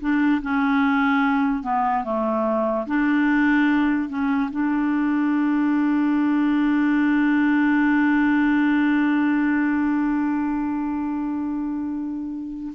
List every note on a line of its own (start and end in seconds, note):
0.00 0.41 D4
0.42 1.63 C#4
1.63 2.04 B3
2.04 2.86 A3
2.86 4.09 D4
4.09 4.50 C#4
4.51 12.73 D4